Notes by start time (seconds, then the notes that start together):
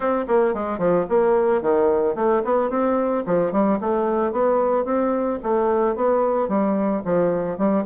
0.00 C4
0.27 A#3
0.54 G#3
0.78 F3
1.09 A#3
1.61 D#3
2.15 A3
2.44 B3
2.70 C4
3.26 F3
3.52 G3
3.80 A3
4.32 B3
4.85 C4
5.43 A3
5.95 B3
6.48 G3
7.04 F3
7.57 G3